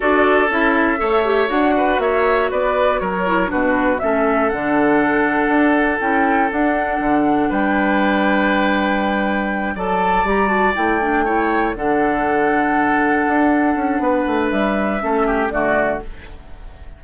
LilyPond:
<<
  \new Staff \with { instrumentName = "flute" } { \time 4/4 \tempo 4 = 120 d''4 e''2 fis''4 | e''4 d''4 cis''4 b'4 | e''4 fis''2. | g''4 fis''2 g''4~ |
g''2.~ g''8 a''8~ | a''8 ais''8 a''8 g''2 fis''8~ | fis''1~ | fis''4 e''2 d''4 | }
  \new Staff \with { instrumentName = "oboe" } { \time 4/4 a'2 cis''4. b'8 | cis''4 b'4 ais'4 fis'4 | a'1~ | a'2. b'4~ |
b'2.~ b'8 d''8~ | d''2~ d''8 cis''4 a'8~ | a'1 | b'2 a'8 g'8 fis'4 | }
  \new Staff \with { instrumentName = "clarinet" } { \time 4/4 fis'4 e'4 a'8 g'8 fis'4~ | fis'2~ fis'8 e'8 d'4 | cis'4 d'2. | e'4 d'2.~ |
d'2.~ d'8 a'8~ | a'8 g'8 fis'8 e'8 d'8 e'4 d'8~ | d'1~ | d'2 cis'4 a4 | }
  \new Staff \with { instrumentName = "bassoon" } { \time 4/4 d'4 cis'4 a4 d'4 | ais4 b4 fis4 b,4 | a4 d2 d'4 | cis'4 d'4 d4 g4~ |
g2.~ g8 fis8~ | fis8 g4 a2 d8~ | d2~ d8 d'4 cis'8 | b8 a8 g4 a4 d4 | }
>>